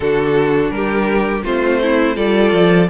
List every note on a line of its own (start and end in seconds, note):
0.00 0.70 D3
0.00 1.43 D4
0.00 0.73 F#4
0.00 0.70 A4
0.70 1.43 G3
0.70 1.44 G4
0.70 1.43 A#4
1.43 2.16 A3
1.43 2.15 C4
1.43 1.80 F4
1.43 2.17 C5
1.81 2.16 E4
2.15 2.52 G3
2.15 2.87 F4
2.15 2.88 A4
2.15 2.89 D5
2.52 2.88 F3